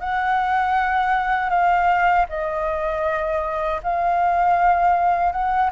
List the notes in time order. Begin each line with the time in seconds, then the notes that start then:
0.00 F#5
1.49 F5
2.29 D#5
3.83 F5
5.32 F#5